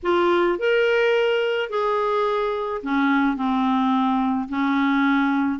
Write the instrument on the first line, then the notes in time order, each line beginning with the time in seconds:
clarinet
0.02 F4
0.58 A#4
1.69 G#4
2.82 C#4
3.36 C4
4.49 C#4